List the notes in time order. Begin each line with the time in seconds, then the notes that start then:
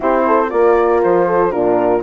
0.00 C4 E4 G4 C5
0.26 A4
0.49 A#3 F4 A#4 D5
1.02 F3 C5
1.26 A4
1.50 A#2 D4 F4 A#4